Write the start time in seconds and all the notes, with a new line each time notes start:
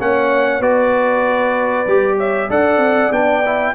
0.00 A#3 C#4 C#5 F#5
0.60 B3 F#4 B4 D5
1.87 G3 G4
2.17 C#5 E5
2.50 D4 A4 D5 F#5
2.78 C4
3.12 B3 D4 G5
3.46 E4